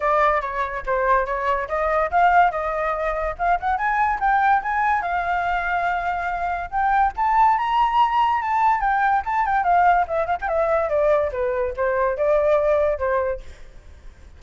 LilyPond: \new Staff \with { instrumentName = "flute" } { \time 4/4 \tempo 4 = 143 d''4 cis''4 c''4 cis''4 | dis''4 f''4 dis''2 | f''8 fis''8 gis''4 g''4 gis''4 | f''1 |
g''4 a''4 ais''2 | a''4 g''4 a''8 g''8 f''4 | e''8 f''16 g''16 e''4 d''4 b'4 | c''4 d''2 c''4 | }